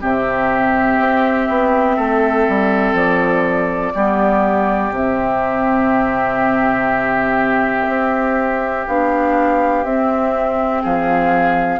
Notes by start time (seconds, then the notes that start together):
0.00 C3 C4 G4 E5
0.99 C4
1.48 B3
1.96 A3 A4
2.49 G3
2.93 F3 D5
3.94 G3 B3 G4
4.91 C3 C4 E5
7.88 C4
8.87 B3 D4 F5
9.84 C4 E5
10.82 F3 G#4 F5